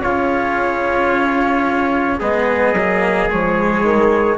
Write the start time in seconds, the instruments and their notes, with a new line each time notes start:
0.00 bassoon C#3, cello C#4, trumpet F4 C#5
2.20 bassoon G#3, cello B3, trumpet G#4 D#5
2.73 bassoon F#3, cello A#3
3.30 bassoon F3, cello G#3, trumpet C#5
3.83 bassoon D#3